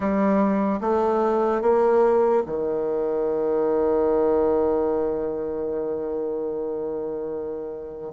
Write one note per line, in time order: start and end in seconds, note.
0.00 0.80 G3
0.81 1.61 A3
1.61 2.42 A#3
2.46 8.13 D#3